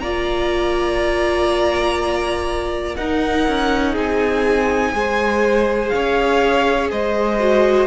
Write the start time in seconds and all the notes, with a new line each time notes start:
0.00 A#3 F4 D5 A#5
2.96 D#4 A#4 F#5
3.48 C#4
3.92 C4 G#4 G#5
4.92 G#3 G#4 C5
5.89 C#4 C#5 F5
6.91 G#3 C5 D#5
7.39 F#4